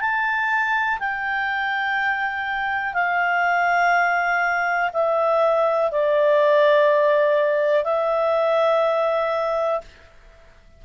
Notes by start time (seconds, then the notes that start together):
0.00 A5
0.99 G5
2.94 F5
4.93 E5
5.92 D5
7.84 E5